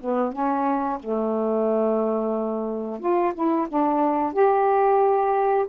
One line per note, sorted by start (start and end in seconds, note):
0.00 0.32 B3
0.32 0.99 C#4
1.00 2.99 A3
2.99 3.33 F4
3.34 3.67 E4
3.68 4.33 D4
4.33 5.66 G4